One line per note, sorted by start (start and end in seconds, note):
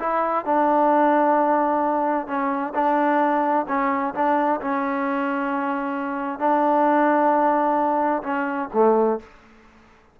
0.00 0.45 E4
0.45 2.27 D4
2.27 2.73 C#4
2.75 3.66 D4
3.68 4.14 C#4
4.15 4.61 D4
4.61 6.39 C#4
6.39 8.23 D4
8.23 8.69 C#4
8.74 9.20 A3